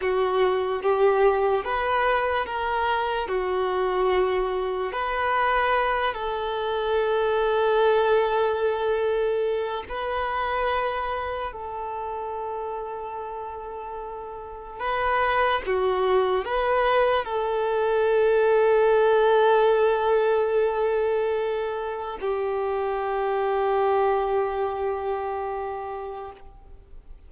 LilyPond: \new Staff \with { instrumentName = "violin" } { \time 4/4 \tempo 4 = 73 fis'4 g'4 b'4 ais'4 | fis'2 b'4. a'8~ | a'1 | b'2 a'2~ |
a'2 b'4 fis'4 | b'4 a'2.~ | a'2. g'4~ | g'1 | }